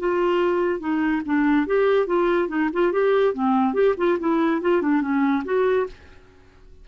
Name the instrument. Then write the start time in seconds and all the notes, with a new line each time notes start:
clarinet
0.00 F4
0.80 D#4
1.26 D4
1.67 G4
2.07 F4
2.49 D#4
2.73 F4
2.93 G4
3.34 C4
3.74 G4
3.98 F4
4.20 E4
4.62 F4
4.82 D4
5.02 C#4
5.45 F#4